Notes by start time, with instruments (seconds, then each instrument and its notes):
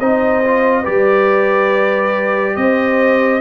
0.00 tuba C4, trombone D#4, horn C5, trumpet D#5
0.44 trombone F4
0.81 tuba G3, trombone G4, horn B4, trumpet D5
2.56 tuba C4, horn C5, trumpet D#5